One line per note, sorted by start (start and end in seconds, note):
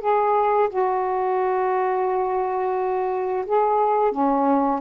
0.00 0.69 G#4
0.69 3.45 F#4
3.46 4.11 G#4
4.11 4.80 C#4